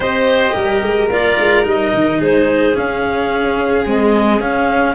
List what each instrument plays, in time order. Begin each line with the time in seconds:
0.00 tuba C4, cello G4, violin C5, clarinet D#5
0.53 tuba G3, violin A#4
0.82 tuba G#3
1.09 tuba A#3, cello F4, clarinet D5
1.38 tuba G#3
1.63 tuba G3, cello D#4, clarinet D#5
1.93 tuba D#3
2.18 tuba G#3, violin G#4, clarinet C5
2.74 cello C#4, tuba C#4, clarinet F5
3.86 cello G#3, tuba C4, clarinet D#5
4.38 tuba C#4, cello C#4, clarinet F5